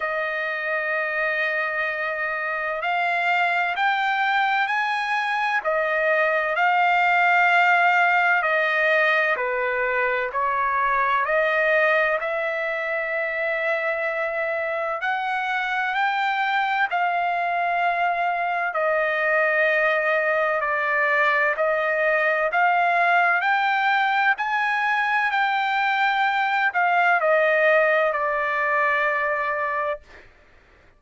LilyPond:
\new Staff \with { instrumentName = "trumpet" } { \time 4/4 \tempo 4 = 64 dis''2. f''4 | g''4 gis''4 dis''4 f''4~ | f''4 dis''4 b'4 cis''4 | dis''4 e''2. |
fis''4 g''4 f''2 | dis''2 d''4 dis''4 | f''4 g''4 gis''4 g''4~ | g''8 f''8 dis''4 d''2 | }